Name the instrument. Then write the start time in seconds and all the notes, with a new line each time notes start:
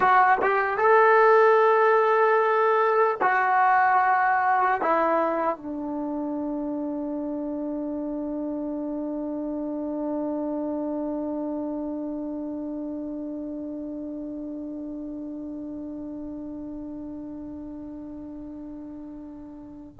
trombone
0.00 F#4
0.41 G4
0.77 A4
3.21 F#4
4.81 E4
5.57 D4